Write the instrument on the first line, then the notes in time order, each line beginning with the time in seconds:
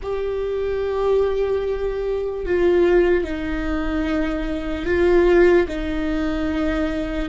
viola
0.02 G4
2.45 F4
3.24 D#4
4.85 F4
5.68 D#4